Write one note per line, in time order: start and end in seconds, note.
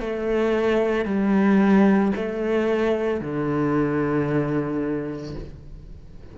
0.00 1.05 A3
1.05 2.12 G3
2.15 3.20 A3
3.20 5.35 D3